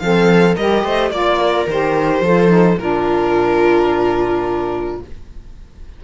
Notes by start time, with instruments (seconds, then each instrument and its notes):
0.00 cello F3, saxophone C4, viola A4, violin F5
0.57 cello G3, saxophone G4, viola A#4, violin D#5
0.84 cello A3, viola C5
1.11 cello A#3, saxophone F4, violin D5, viola D5
1.41 viola A#4
1.68 cello D#3, saxophone G4, violin C5
2.21 cello F3, saxophone F4, viola A4
2.48 saxophone D#4
2.78 cello A#2, saxophone D4, viola F4, violin A#4